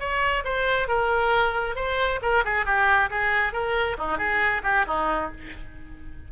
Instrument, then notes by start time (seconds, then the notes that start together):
oboe
0.00 C#5
0.45 C5
0.88 A#4
1.76 C5
2.22 A#4
2.45 G#4
2.66 G4
3.10 G#4
3.53 A#4
3.98 D#4
4.18 G#4
4.64 G4
4.88 D#4